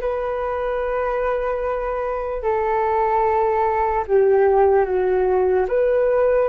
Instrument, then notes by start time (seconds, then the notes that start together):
flute
0.00 B4
2.43 A4
4.07 G4
4.85 F#4
5.68 B4